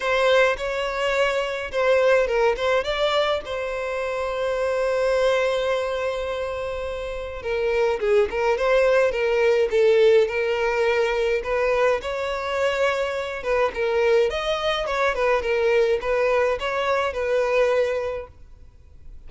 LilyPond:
\new Staff \with { instrumentName = "violin" } { \time 4/4 \tempo 4 = 105 c''4 cis''2 c''4 | ais'8 c''8 d''4 c''2~ | c''1~ | c''4 ais'4 gis'8 ais'8 c''4 |
ais'4 a'4 ais'2 | b'4 cis''2~ cis''8 b'8 | ais'4 dis''4 cis''8 b'8 ais'4 | b'4 cis''4 b'2 | }